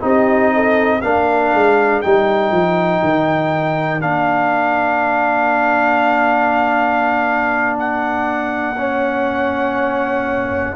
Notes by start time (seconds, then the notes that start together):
0.00 C4 D#4 G4 D#5
0.55 A4
0.99 A#3 D4 A#4 F5
1.54 G#3
2.02 G3 D#4 G5
2.51 F3
3.03 D#3
4.01 A#3 D4 F5
7.79 F#5
8.77 C#4 C#5